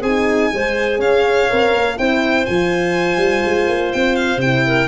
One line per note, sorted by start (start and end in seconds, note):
0.00 0.50 C4
0.00 0.49 G#4
0.00 1.00 G#5
0.06 0.54 D#4
0.53 0.98 G#3
0.53 1.50 G#4
0.53 0.99 C5
0.98 1.47 C#4
0.98 1.96 C#5
0.98 1.98 F5
1.50 1.73 C4
1.50 1.97 A#4
1.73 1.97 A#3
1.97 2.47 C4
1.97 2.46 E4
1.97 4.67 C5
1.97 2.45 G5
2.45 3.17 F3
2.45 4.41 F4
2.45 3.92 G#5
3.17 3.41 G3
3.44 3.68 G#3
3.68 3.92 A#3
3.92 4.37 C4
3.92 4.15 G5
4.15 4.40 F5
4.37 4.85 C3
4.37 4.88 E4
4.37 4.88 G5
4.67 4.88 A#4